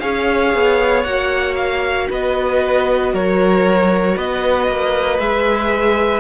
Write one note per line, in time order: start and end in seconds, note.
0.00 0.54 C#4
0.00 1.05 G#4
0.00 2.09 C#5
0.00 1.03 F5
0.54 1.05 B3
1.03 2.08 A#3
1.03 5.20 F#4
1.03 1.55 F#5
1.56 2.08 F5
2.10 3.13 B3
2.10 3.13 B4
2.10 3.15 D#5
3.13 4.16 F#3
3.13 4.16 A#4
3.13 4.18 C#5
4.16 4.68 B3
4.16 6.20 B4
4.16 5.19 D#5
4.68 5.19 A#3
5.19 6.20 G#3
5.19 6.20 G#4
5.19 6.20 E5